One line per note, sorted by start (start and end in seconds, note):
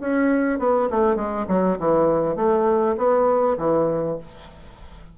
0.00 0.59 C#4
0.59 0.89 B3
0.90 1.16 A3
1.16 1.46 G#3
1.48 1.78 F#3
1.79 2.36 E3
2.36 2.96 A3
2.97 3.57 B3
3.58 4.18 E3